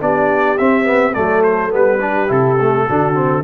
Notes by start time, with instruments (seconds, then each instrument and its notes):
0.00 tuba B3, trombone D4, horn G4, trumpet D5
0.58 tuba C4, trombone C4, trumpet E5
0.84 trombone B3
1.14 tuba F#3, trombone A3, horn A4, trumpet D5
1.43 trumpet C5
1.70 tuba G3, trombone B3, trumpet B4
2.00 trombone D4, horn G4
2.28 tuba C3, trombone E4, trumpet A4
2.60 trombone A3
2.86 tuba D3, trombone D4, horn F#4
3.14 trombone C4